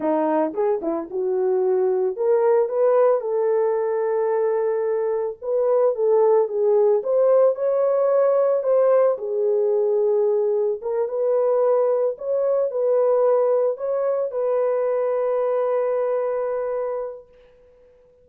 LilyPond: \new Staff \with { instrumentName = "horn" } { \time 4/4 \tempo 4 = 111 dis'4 gis'8 e'8 fis'2 | ais'4 b'4 a'2~ | a'2 b'4 a'4 | gis'4 c''4 cis''2 |
c''4 gis'2. | ais'8 b'2 cis''4 b'8~ | b'4. cis''4 b'4.~ | b'1 | }